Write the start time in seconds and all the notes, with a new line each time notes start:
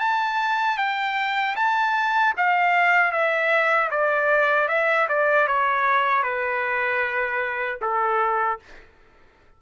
0.00 A5
0.78 G5
1.56 A5
2.37 F5
3.12 E5
3.91 D5
4.69 E5
5.09 D5
5.48 C#5
6.24 B4
7.82 A4